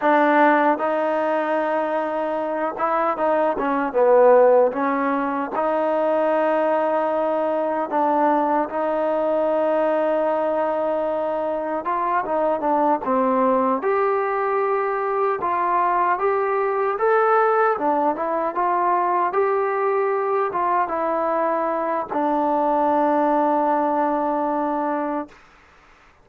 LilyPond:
\new Staff \with { instrumentName = "trombone" } { \time 4/4 \tempo 4 = 76 d'4 dis'2~ dis'8 e'8 | dis'8 cis'8 b4 cis'4 dis'4~ | dis'2 d'4 dis'4~ | dis'2. f'8 dis'8 |
d'8 c'4 g'2 f'8~ | f'8 g'4 a'4 d'8 e'8 f'8~ | f'8 g'4. f'8 e'4. | d'1 | }